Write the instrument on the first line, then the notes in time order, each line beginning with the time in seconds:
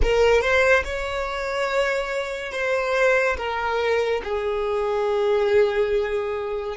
violin
0.02 A#4
0.41 C5
0.84 C#5
2.52 C5
3.36 A#4
4.23 G#4